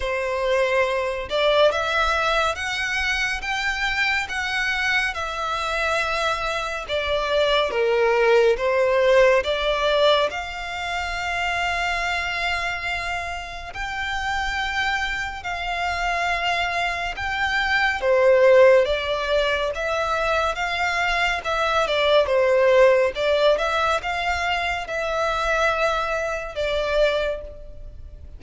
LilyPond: \new Staff \with { instrumentName = "violin" } { \time 4/4 \tempo 4 = 70 c''4. d''8 e''4 fis''4 | g''4 fis''4 e''2 | d''4 ais'4 c''4 d''4 | f''1 |
g''2 f''2 | g''4 c''4 d''4 e''4 | f''4 e''8 d''8 c''4 d''8 e''8 | f''4 e''2 d''4 | }